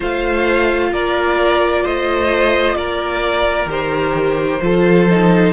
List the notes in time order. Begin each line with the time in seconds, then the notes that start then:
0.00 A3 F4 C5 F5
0.92 A#3 A#4 D5
1.83 A3 C5 D#5
2.75 A#3 A#4 D5
3.65 D#3 G4 C5
4.62 F3 F4 A4
5.10 D#4